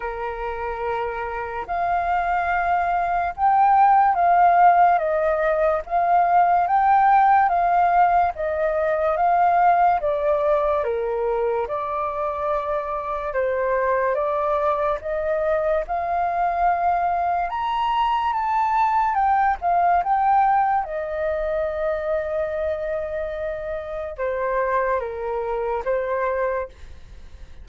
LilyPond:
\new Staff \with { instrumentName = "flute" } { \time 4/4 \tempo 4 = 72 ais'2 f''2 | g''4 f''4 dis''4 f''4 | g''4 f''4 dis''4 f''4 | d''4 ais'4 d''2 |
c''4 d''4 dis''4 f''4~ | f''4 ais''4 a''4 g''8 f''8 | g''4 dis''2.~ | dis''4 c''4 ais'4 c''4 | }